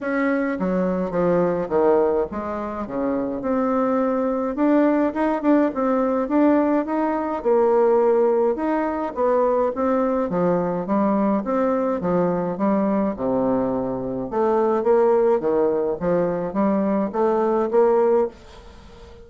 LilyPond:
\new Staff \with { instrumentName = "bassoon" } { \time 4/4 \tempo 4 = 105 cis'4 fis4 f4 dis4 | gis4 cis4 c'2 | d'4 dis'8 d'8 c'4 d'4 | dis'4 ais2 dis'4 |
b4 c'4 f4 g4 | c'4 f4 g4 c4~ | c4 a4 ais4 dis4 | f4 g4 a4 ais4 | }